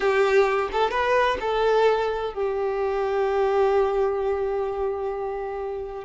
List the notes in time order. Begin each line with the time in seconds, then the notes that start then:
0.00 G4
0.72 A4
0.90 B4
1.40 A4
2.33 G4